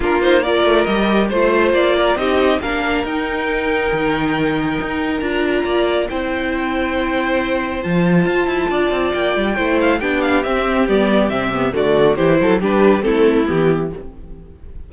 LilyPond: <<
  \new Staff \with { instrumentName = "violin" } { \time 4/4 \tempo 4 = 138 ais'8 c''8 d''4 dis''4 c''4 | d''4 dis''4 f''4 g''4~ | g''1 | ais''2 g''2~ |
g''2 a''2~ | a''4 g''4. f''8 g''8 f''8 | e''4 d''4 e''4 d''4 | c''4 b'4 a'4 g'4 | }
  \new Staff \with { instrumentName = "violin" } { \time 4/4 f'4 ais'2 c''4~ | c''8 ais'8 g'4 ais'2~ | ais'1~ | ais'4 d''4 c''2~ |
c''1 | d''2 c''4 g'4~ | g'2. fis'4 | g'8 a'8 g'4 e'2 | }
  \new Staff \with { instrumentName = "viola" } { \time 4/4 d'8 dis'8 f'4 g'4 f'4~ | f'4 dis'4 d'4 dis'4~ | dis'1 | f'2 e'2~ |
e'2 f'2~ | f'2 e'4 d'4 | c'4 b4 c'8 b8 a4 | e'4 d'4 c'4 b4 | }
  \new Staff \with { instrumentName = "cello" } { \time 4/4 ais4. a8 g4 a4 | ais4 c'4 ais4 dis'4~ | dis'4 dis2 dis'4 | d'4 ais4 c'2~ |
c'2 f4 f'8 e'8 | d'8 c'8 ais8 g8 a4 b4 | c'4 g4 c4 d4 | e8 fis8 g4 a4 e4 | }
>>